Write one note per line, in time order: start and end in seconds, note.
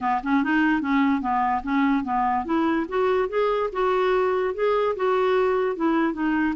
0.01 0.21 B3
0.23 0.43 C#4
0.43 0.81 D#4
0.81 1.21 C#4
1.21 1.62 B3
1.63 2.04 C#4
2.04 2.45 B3
2.45 2.86 E4
2.88 3.28 F#4
3.28 3.69 G#4
3.72 4.54 F#4
4.54 4.95 G#4
4.96 5.76 F#4
5.76 6.13 E4
6.13 6.54 D#4